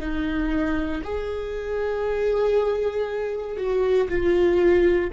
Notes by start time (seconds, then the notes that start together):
0.00 D#4
1.04 G#4
3.57 F#4
4.09 F4